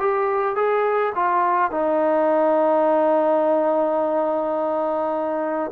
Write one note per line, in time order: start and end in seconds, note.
0.00 0.56 G4
0.56 1.13 G#4
1.16 1.71 F4
1.71 5.71 D#4